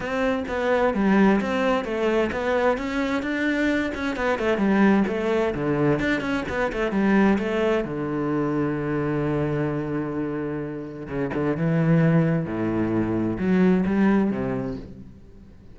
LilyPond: \new Staff \with { instrumentName = "cello" } { \time 4/4 \tempo 4 = 130 c'4 b4 g4 c'4 | a4 b4 cis'4 d'4~ | d'8 cis'8 b8 a8 g4 a4 | d4 d'8 cis'8 b8 a8 g4 |
a4 d2.~ | d1 | cis8 d8 e2 a,4~ | a,4 fis4 g4 c4 | }